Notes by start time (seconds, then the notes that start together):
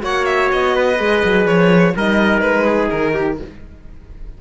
0.00 A#3 F#4 C#5 F#5
0.25 E5
0.52 B3 D#5
0.75 B4
0.98 G#3 G#4
1.24 F#3
1.46 F3 C#5
1.96 G3 D#4 A#4 D#5
2.40 G#3 B4
2.65 G#4
2.90 D#3 A#4
3.14 G4